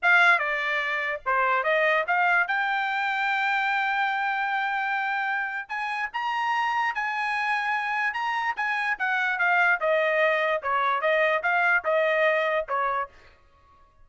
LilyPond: \new Staff \with { instrumentName = "trumpet" } { \time 4/4 \tempo 4 = 147 f''4 d''2 c''4 | dis''4 f''4 g''2~ | g''1~ | g''2 gis''4 ais''4~ |
ais''4 gis''2. | ais''4 gis''4 fis''4 f''4 | dis''2 cis''4 dis''4 | f''4 dis''2 cis''4 | }